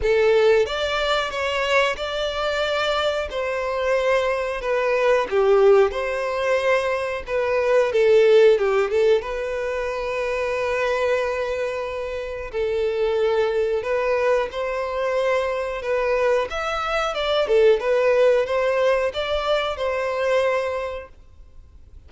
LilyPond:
\new Staff \with { instrumentName = "violin" } { \time 4/4 \tempo 4 = 91 a'4 d''4 cis''4 d''4~ | d''4 c''2 b'4 | g'4 c''2 b'4 | a'4 g'8 a'8 b'2~ |
b'2. a'4~ | a'4 b'4 c''2 | b'4 e''4 d''8 a'8 b'4 | c''4 d''4 c''2 | }